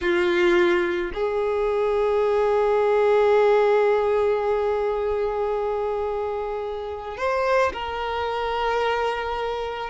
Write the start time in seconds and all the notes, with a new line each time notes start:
0.01 F4
1.14 G#4
7.17 C5
7.72 A#4